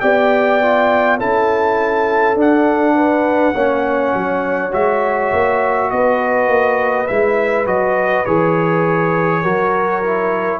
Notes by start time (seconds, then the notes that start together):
0.00 B3 G4 D5 G5
0.62 F4
1.18 C#4 E4 A4 A5
2.35 D4 F#5
2.95 B4
3.54 A#3 C#4 C#5
4.14 F#3
4.71 G#3 F#4 E5
5.32 A#3
5.90 B3 B4 D#5
6.48 A#3
7.07 G#3 E4 E5
7.65 F#3 F#4 D#5
8.25 E3 G#4 C#5
9.42 F#3 F#4 A#4
10.04 E4